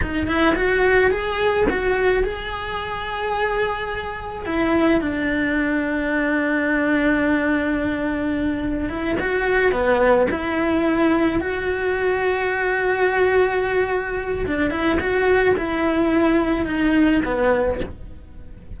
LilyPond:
\new Staff \with { instrumentName = "cello" } { \time 4/4 \tempo 4 = 108 dis'8 e'8 fis'4 gis'4 fis'4 | gis'1 | e'4 d'2.~ | d'1 |
e'8 fis'4 b4 e'4.~ | e'8 fis'2.~ fis'8~ | fis'2 d'8 e'8 fis'4 | e'2 dis'4 b4 | }